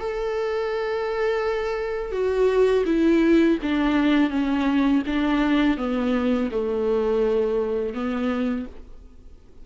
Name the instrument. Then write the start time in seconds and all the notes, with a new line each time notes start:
viola
0.00 A4
2.12 F#4
2.86 E4
3.63 D4
4.30 C#4
5.07 D4
5.78 B3
6.52 A3
7.94 B3